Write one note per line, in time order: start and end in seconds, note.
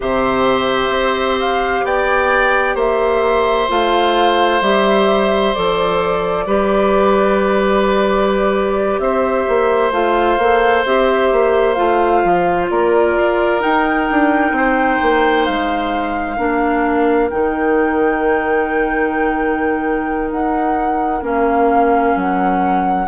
0.00 0.88 C3
0.00 3.68 G4
0.00 1.85 C5
0.00 1.39 E5
0.88 1.81 C4
1.39 1.85 F5
1.84 2.75 B3
1.84 2.75 D5
1.84 2.77 G5
2.75 3.67 A#3
2.75 6.44 C5
2.75 3.70 E5
3.68 4.61 A3
3.68 4.61 F4
3.68 4.62 F5
4.61 5.53 G3
4.61 5.55 G4
4.61 5.54 E5
5.54 6.46 F3
5.54 6.46 A4
5.54 8.99 D5
6.46 8.99 G3
6.46 9.92 G4
6.46 9.00 B4
8.99 9.45 C4
8.99 12.71 C5
8.99 9.91 E5
9.47 9.91 A#3
9.91 10.37 A3
9.91 10.38 F4
9.91 10.84 F5
10.37 10.84 A#3
10.37 10.86 A4
10.85 11.32 C4
10.85 11.75 G4
10.85 11.73 E5
11.32 11.77 A#3
11.73 12.23 A3
11.73 13.59 F4
11.73 12.65 F5
12.23 12.69 F3
12.69 13.16 A#3
12.69 14.55 A#4
12.69 13.61 D5
13.16 13.62 F4
13.59 16.36 D#4
13.59 14.10 D#4
13.59 15.45 G5
14.10 14.51 D4
14.51 14.97 C4
14.51 16.36 C5
15.02 15.47 A#3
15.45 16.37 G#3
15.45 17.29 F5
16.36 17.30 A#3
16.36 17.29 D4
16.36 23.05 A#4
17.29 20.31 D#3
17.29 21.22 D#4
17.29 20.29 G5
20.30 21.21 D#4
20.30 21.23 F#5
21.21 22.14 A#3
21.21 23.06 C#4
21.21 22.17 F5
22.15 23.07 F#3
22.15 23.07 F#5